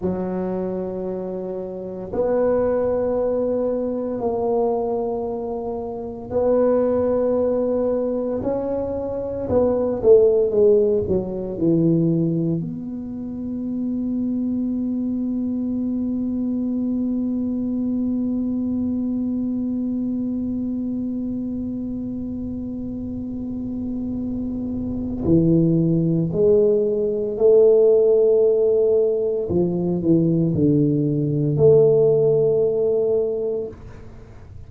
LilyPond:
\new Staff \with { instrumentName = "tuba" } { \time 4/4 \tempo 4 = 57 fis2 b2 | ais2 b2 | cis'4 b8 a8 gis8 fis8 e4 | b1~ |
b1~ | b1 | e4 gis4 a2 | f8 e8 d4 a2 | }